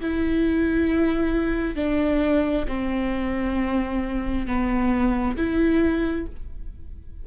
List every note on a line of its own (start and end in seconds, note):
0.00 1.75 E4
1.75 2.65 D4
2.68 4.47 C4
4.47 5.36 B3
5.36 6.26 E4